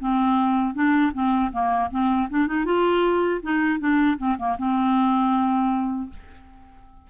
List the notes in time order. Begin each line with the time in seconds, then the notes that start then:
0.00 C4
0.75 D4
1.14 C4
1.53 A#3
1.91 C4
2.30 D4
2.47 D#4
2.65 F4
3.42 D#4
3.79 D4
4.18 C4
4.38 A#3
4.58 C4